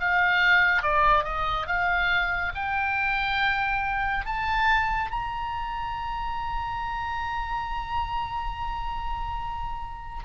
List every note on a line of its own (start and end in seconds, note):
0.00 0.82 F5
0.82 1.24 D5
1.24 1.66 D#5
1.66 2.52 F5
2.54 4.25 G5
4.25 5.11 A5
5.11 10.24 A#5